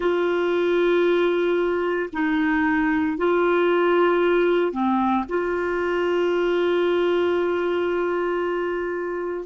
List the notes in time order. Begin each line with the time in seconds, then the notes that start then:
0.00 F4
2.12 D#4
3.17 F4
4.72 C4
5.28 F4